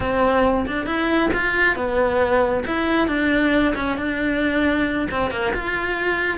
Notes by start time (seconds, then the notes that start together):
0.00 C4
0.67 D4
0.86 E4
1.33 F4
1.75 B3
2.66 E4
3.07 D4
3.75 C#4
3.97 D4
5.10 C4
5.30 A#3
5.53 F4